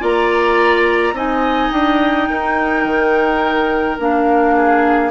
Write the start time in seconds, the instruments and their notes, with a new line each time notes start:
0.00 bassoon A#3, clarinet F4, oboe D5, flute A#5
1.13 bassoon C4, clarinet D#4, oboe D#5, flute G#5
1.71 bassoon D4, flute G5
2.30 bassoon D#4, oboe A#4
2.84 bassoon D#3
3.99 bassoon A#3, clarinet D4, flute F5
4.56 oboe G#4